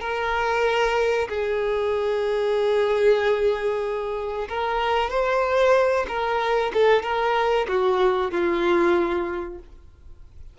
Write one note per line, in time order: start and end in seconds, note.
0.00 1.28 A#4
1.29 4.48 G#4
4.48 5.10 A#4
5.10 6.06 C5
6.08 6.71 A#4
6.73 7.03 A4
7.03 7.67 A#4
7.68 8.31 F#4
8.31 9.58 F4